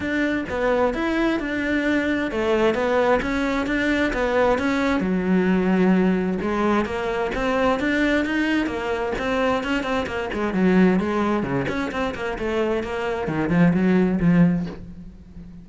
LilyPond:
\new Staff \with { instrumentName = "cello" } { \time 4/4 \tempo 4 = 131 d'4 b4 e'4 d'4~ | d'4 a4 b4 cis'4 | d'4 b4 cis'4 fis4~ | fis2 gis4 ais4 |
c'4 d'4 dis'4 ais4 | c'4 cis'8 c'8 ais8 gis8 fis4 | gis4 cis8 cis'8 c'8 ais8 a4 | ais4 dis8 f8 fis4 f4 | }